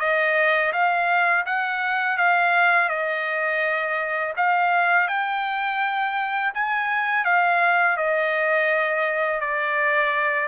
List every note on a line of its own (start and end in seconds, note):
0.00 0.72 D#5
0.72 1.45 F5
1.46 2.17 F#5
2.17 2.89 F5
2.89 4.33 D#5
4.36 5.08 F5
5.08 6.53 G5
6.54 7.25 G#5
7.25 7.97 F5
7.97 9.40 D#5
9.40 10.48 D5